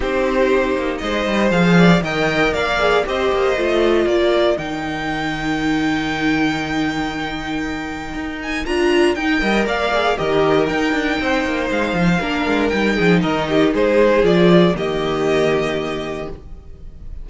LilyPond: <<
  \new Staff \with { instrumentName = "violin" } { \time 4/4 \tempo 4 = 118 c''2 dis''4 f''4 | g''4 f''4 dis''2 | d''4 g''2.~ | g''1~ |
g''8 gis''8 ais''4 g''4 f''4 | dis''4 g''2 f''4~ | f''4 g''4 dis''4 c''4 | d''4 dis''2. | }
  \new Staff \with { instrumentName = "violin" } { \time 4/4 g'2 c''4. d''8 | dis''4 d''4 c''2 | ais'1~ | ais'1~ |
ais'2~ ais'8 dis''8 d''4 | ais'2 c''2 | ais'4. gis'8 ais'8 g'8 gis'4~ | gis'4 g'2. | }
  \new Staff \with { instrumentName = "viola" } { \time 4/4 dis'2. gis'4 | ais'4. gis'8 g'4 f'4~ | f'4 dis'2.~ | dis'1~ |
dis'4 f'4 dis'8 ais'4 gis'8 | g'4 dis'2. | d'4 dis'2. | f'4 ais2. | }
  \new Staff \with { instrumentName = "cello" } { \time 4/4 c'4. ais8 gis8 g8 f4 | dis4 ais4 c'8 ais8 a4 | ais4 dis2.~ | dis1 |
dis'4 d'4 dis'8 g8 ais4 | dis4 dis'8 d'8 c'8 ais8 gis8 f8 | ais8 gis8 g8 f8 dis4 gis4 | f4 dis2. | }
>>